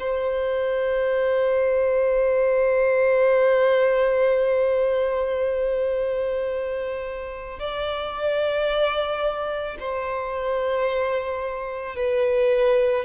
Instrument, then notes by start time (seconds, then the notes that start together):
violin
0.00 C5
7.59 D5
9.80 C5
11.96 B4